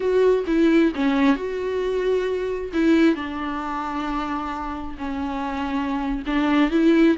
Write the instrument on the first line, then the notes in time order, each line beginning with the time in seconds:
viola
0.00 F#4
0.46 E4
0.95 C#4
1.35 F#4
2.73 E4
3.15 D4
4.98 C#4
6.26 D4
6.70 E4